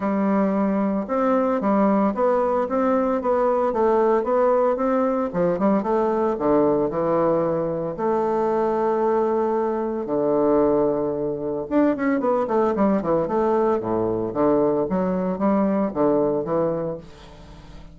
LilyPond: \new Staff \with { instrumentName = "bassoon" } { \time 4/4 \tempo 4 = 113 g2 c'4 g4 | b4 c'4 b4 a4 | b4 c'4 f8 g8 a4 | d4 e2 a4~ |
a2. d4~ | d2 d'8 cis'8 b8 a8 | g8 e8 a4 a,4 d4 | fis4 g4 d4 e4 | }